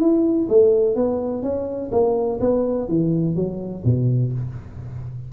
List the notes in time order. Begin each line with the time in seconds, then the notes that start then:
0.00 E4
0.49 A3
0.96 B3
1.43 C#4
1.92 A#3
2.41 B3
2.88 E3
3.36 F#3
3.85 B2